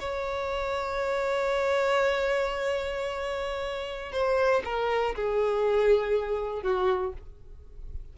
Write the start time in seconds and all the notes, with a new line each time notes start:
0.00 C#5
4.13 C5
4.65 A#4
5.16 G#4
6.63 F#4